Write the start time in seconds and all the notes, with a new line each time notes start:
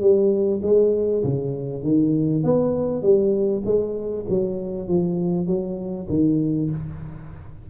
0.00 G3
0.62 G#3
1.23 C#3
1.83 D#3
2.43 B3
3.02 G3
3.65 G#3
4.29 F#3
4.88 F3
5.47 F#3
6.09 D#3